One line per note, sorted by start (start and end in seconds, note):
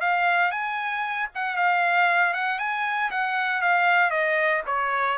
0.00 0.51 F5
0.51 1.28 G#5
1.34 1.56 F#5
1.56 2.33 F5
2.33 2.58 F#5
2.58 3.10 G#5
3.10 3.61 F#5
3.61 4.10 F5
4.10 4.62 D#5
4.66 5.18 C#5